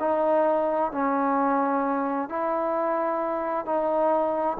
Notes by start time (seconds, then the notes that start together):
0.00 D#4
0.92 C#4
2.29 E4
3.65 D#4